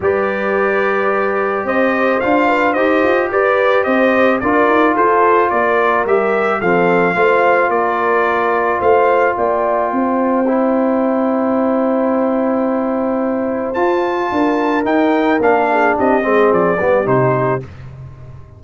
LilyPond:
<<
  \new Staff \with { instrumentName = "trumpet" } { \time 4/4 \tempo 4 = 109 d''2. dis''4 | f''4 dis''4 d''4 dis''4 | d''4 c''4 d''4 e''4 | f''2 d''2 |
f''4 g''2.~ | g''1~ | g''4 a''2 g''4 | f''4 dis''4 d''4 c''4 | }
  \new Staff \with { instrumentName = "horn" } { \time 4/4 b'2. c''4~ | c''8 b'8 c''4 b'4 c''4 | ais'4 a'4 ais'2 | a'4 c''4 ais'2 |
c''4 d''4 c''2~ | c''1~ | c''2 ais'2~ | ais'8 gis'8 g'8 gis'4 g'4. | }
  \new Staff \with { instrumentName = "trombone" } { \time 4/4 g'1 | f'4 g'2. | f'2. g'4 | c'4 f'2.~ |
f'2. e'4~ | e'1~ | e'4 f'2 dis'4 | d'4. c'4 b8 dis'4 | }
  \new Staff \with { instrumentName = "tuba" } { \time 4/4 g2. c'4 | d'4 dis'8 f'8 g'4 c'4 | d'8 dis'8 f'4 ais4 g4 | f4 a4 ais2 |
a4 ais4 c'2~ | c'1~ | c'4 f'4 d'4 dis'4 | ais4 c'8 gis8 f8 g8 c4 | }
>>